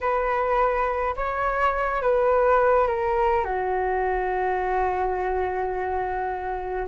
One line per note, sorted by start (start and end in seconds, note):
0.01 1.15 B4
1.16 2.02 C#5
2.02 2.87 B4
2.87 3.44 A#4
3.44 6.87 F#4